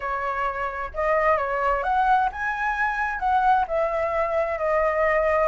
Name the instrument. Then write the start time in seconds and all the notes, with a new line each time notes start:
flute
0.00 C#5
0.93 D#5
1.37 C#5
1.83 F#5
2.32 G#5
3.19 F#5
3.67 E5
4.58 D#5